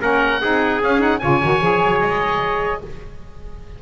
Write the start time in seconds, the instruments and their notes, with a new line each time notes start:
0.00 double bass A#3, saxophone C#4, trumpet A#4, oboe F#5
0.42 double bass C4, saxophone D#4, trumpet G#4
0.80 saxophone C#4, double bass C#4, oboe F5
0.99 saxophone D#4, oboe F#5
1.19 double bass C#3, saxophone F4, trumpet C#5, oboe G#5
1.44 double bass D#3, saxophone F#4
1.61 double bass F3, saxophone G#4
1.83 double bass F#3
2.01 double bass G#3, oboe D#5